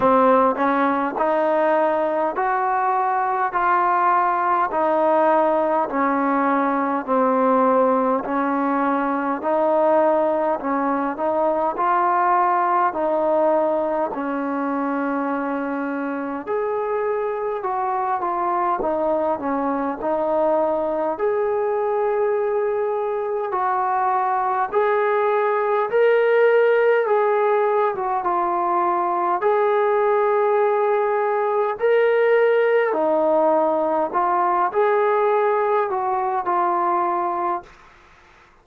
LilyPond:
\new Staff \with { instrumentName = "trombone" } { \time 4/4 \tempo 4 = 51 c'8 cis'8 dis'4 fis'4 f'4 | dis'4 cis'4 c'4 cis'4 | dis'4 cis'8 dis'8 f'4 dis'4 | cis'2 gis'4 fis'8 f'8 |
dis'8 cis'8 dis'4 gis'2 | fis'4 gis'4 ais'4 gis'8. fis'16 | f'4 gis'2 ais'4 | dis'4 f'8 gis'4 fis'8 f'4 | }